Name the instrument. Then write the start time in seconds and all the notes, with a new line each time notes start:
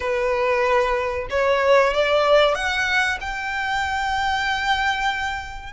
violin
0.00 B4
1.29 C#5
1.93 D5
2.54 F#5
3.20 G5